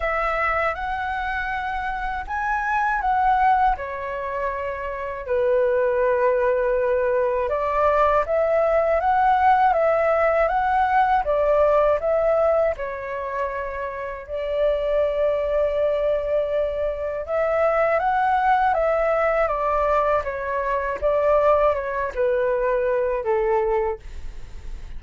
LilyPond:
\new Staff \with { instrumentName = "flute" } { \time 4/4 \tempo 4 = 80 e''4 fis''2 gis''4 | fis''4 cis''2 b'4~ | b'2 d''4 e''4 | fis''4 e''4 fis''4 d''4 |
e''4 cis''2 d''4~ | d''2. e''4 | fis''4 e''4 d''4 cis''4 | d''4 cis''8 b'4. a'4 | }